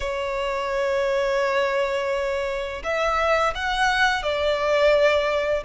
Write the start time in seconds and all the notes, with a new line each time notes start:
0.00 C#5
2.83 E5
3.54 F#5
4.22 D5